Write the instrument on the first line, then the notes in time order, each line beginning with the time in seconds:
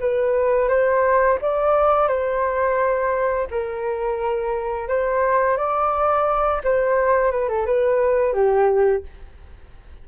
flute
0.00 B4
0.69 C5
1.41 D5
2.08 C5
3.50 A#4
4.88 C5
5.57 D5
6.64 C5
7.32 B4
7.49 A4
7.66 B4
8.33 G4